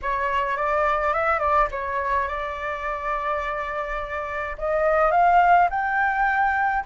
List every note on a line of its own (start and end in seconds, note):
0.02 0.56 C#5
0.56 1.13 D5
1.13 1.39 E5
1.39 1.67 D5
1.71 2.28 C#5
2.28 4.56 D5
4.57 5.11 D#5
5.11 5.68 F5
5.70 6.84 G5